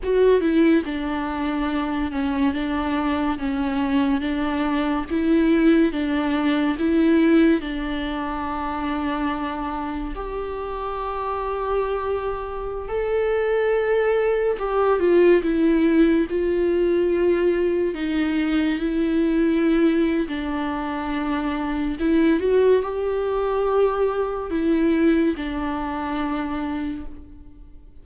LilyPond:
\new Staff \with { instrumentName = "viola" } { \time 4/4 \tempo 4 = 71 fis'8 e'8 d'4. cis'8 d'4 | cis'4 d'4 e'4 d'4 | e'4 d'2. | g'2.~ g'16 a'8.~ |
a'4~ a'16 g'8 f'8 e'4 f'8.~ | f'4~ f'16 dis'4 e'4.~ e'16 | d'2 e'8 fis'8 g'4~ | g'4 e'4 d'2 | }